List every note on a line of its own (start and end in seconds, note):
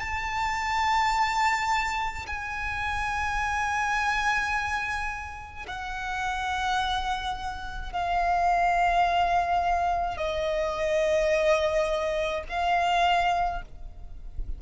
0.00 2.26 A5
2.27 5.67 G#5
5.68 7.93 F#5
7.93 10.18 F5
10.18 12.44 D#5
12.49 13.63 F5